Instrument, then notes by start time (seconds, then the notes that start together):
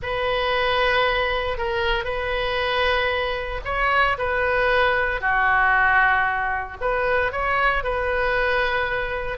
oboe
0.02 B4
1.57 A#4
2.04 B4
3.65 C#5
4.18 B4
5.20 F#4
6.81 B4
7.32 C#5
7.83 B4